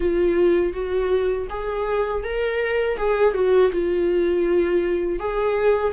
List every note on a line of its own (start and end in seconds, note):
0.00 0.73 F4
0.73 1.47 F#4
1.49 2.23 G#4
2.23 2.97 A#4
2.97 3.34 G#4
3.34 3.71 F#4
3.71 5.19 F4
5.19 5.93 G#4